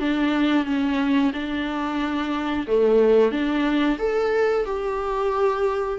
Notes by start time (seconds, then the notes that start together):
0.00 D4
0.65 C#4
1.33 D4
2.68 A3
3.32 D4
3.99 A4
4.66 G4